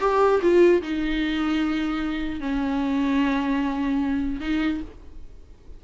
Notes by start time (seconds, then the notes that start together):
0.00 G4
0.42 F4
0.82 D#4
2.40 C#4
4.40 D#4